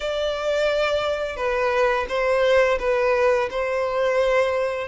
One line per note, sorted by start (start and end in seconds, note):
0.00 1.36 D5
1.36 2.06 B4
2.08 2.78 C5
2.79 3.49 B4
3.50 4.88 C5